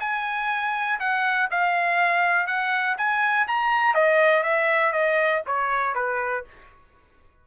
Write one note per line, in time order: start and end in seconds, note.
0.00 0.99 G#5
1.00 1.49 F#5
1.51 2.47 F5
2.47 2.96 F#5
2.98 3.47 G#5
3.48 3.95 A#5
3.95 4.43 D#5
4.43 4.93 E5
4.93 5.42 D#5
5.46 5.95 C#5
5.95 6.45 B4